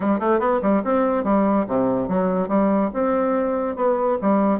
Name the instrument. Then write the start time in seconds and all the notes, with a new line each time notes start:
bassoon
0.00 G3
0.19 A3
0.39 B3
0.62 G3
0.84 C4
1.24 G3
1.67 C3
2.08 F#3
2.48 G3
2.93 C4
3.76 B3
4.21 G3